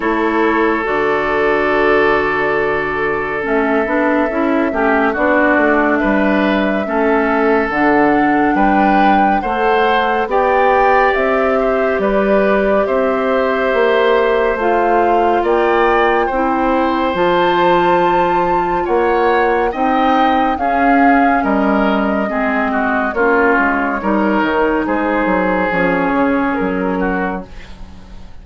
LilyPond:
<<
  \new Staff \with { instrumentName = "flute" } { \time 4/4 \tempo 4 = 70 cis''4 d''2. | e''2 d''4 e''4~ | e''4 fis''4 g''4 fis''4 | g''4 e''4 d''4 e''4~ |
e''4 f''4 g''2 | a''2 fis''4 g''4 | f''4 dis''2 cis''4~ | cis''4 c''4 cis''4 ais'4 | }
  \new Staff \with { instrumentName = "oboe" } { \time 4/4 a'1~ | a'4. g'8 fis'4 b'4 | a'2 b'4 c''4 | d''4. c''8 b'4 c''4~ |
c''2 d''4 c''4~ | c''2 cis''4 dis''4 | gis'4 ais'4 gis'8 fis'8 f'4 | ais'4 gis'2~ gis'8 fis'8 | }
  \new Staff \with { instrumentName = "clarinet" } { \time 4/4 e'4 fis'2. | cis'8 d'8 e'8 cis'8 d'2 | cis'4 d'2 a'4 | g'1~ |
g'4 f'2 e'4 | f'2. dis'4 | cis'2 c'4 cis'4 | dis'2 cis'2 | }
  \new Staff \with { instrumentName = "bassoon" } { \time 4/4 a4 d2. | a8 b8 cis'8 a8 b8 a8 g4 | a4 d4 g4 a4 | b4 c'4 g4 c'4 |
ais4 a4 ais4 c'4 | f2 ais4 c'4 | cis'4 g4 gis4 ais8 gis8 | g8 dis8 gis8 fis8 f8 cis8 fis4 | }
>>